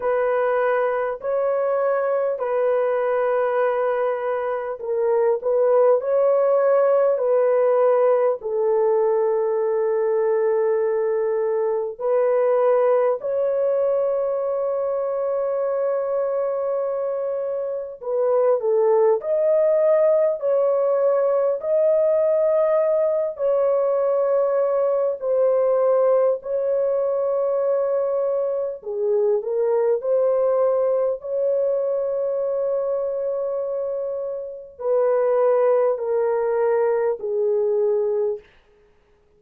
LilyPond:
\new Staff \with { instrumentName = "horn" } { \time 4/4 \tempo 4 = 50 b'4 cis''4 b'2 | ais'8 b'8 cis''4 b'4 a'4~ | a'2 b'4 cis''4~ | cis''2. b'8 a'8 |
dis''4 cis''4 dis''4. cis''8~ | cis''4 c''4 cis''2 | gis'8 ais'8 c''4 cis''2~ | cis''4 b'4 ais'4 gis'4 | }